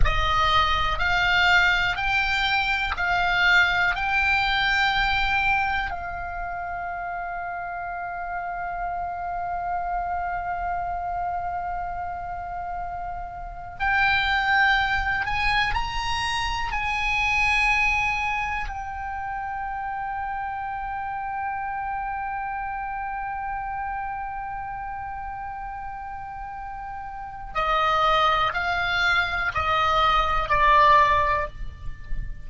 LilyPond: \new Staff \with { instrumentName = "oboe" } { \time 4/4 \tempo 4 = 61 dis''4 f''4 g''4 f''4 | g''2 f''2~ | f''1~ | f''2 g''4. gis''8 |
ais''4 gis''2 g''4~ | g''1~ | g''1 | dis''4 f''4 dis''4 d''4 | }